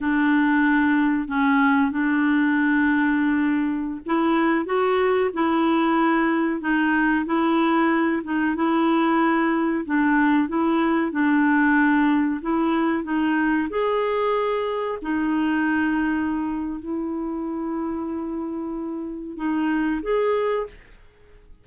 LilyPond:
\new Staff \with { instrumentName = "clarinet" } { \time 4/4 \tempo 4 = 93 d'2 cis'4 d'4~ | d'2~ d'16 e'4 fis'8.~ | fis'16 e'2 dis'4 e'8.~ | e'8. dis'8 e'2 d'8.~ |
d'16 e'4 d'2 e'8.~ | e'16 dis'4 gis'2 dis'8.~ | dis'2 e'2~ | e'2 dis'4 gis'4 | }